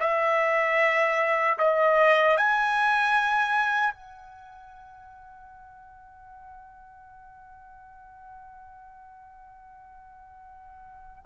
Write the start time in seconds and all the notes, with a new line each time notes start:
0.00 E5
1.58 D#5
2.37 G#5
3.93 F#5